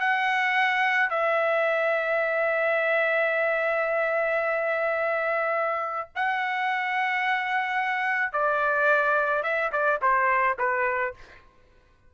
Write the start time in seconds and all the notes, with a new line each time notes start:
0.00 F#5
1.10 E5
6.15 F#5
8.32 D5
9.43 E5
9.72 D5
10.02 C5
10.58 B4